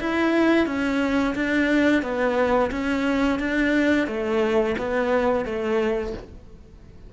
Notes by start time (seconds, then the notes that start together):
0.00 E4
0.67 C#4
1.35 D4
2.03 B3
2.71 C#4
3.40 D4
4.08 A3
4.78 B3
5.45 A3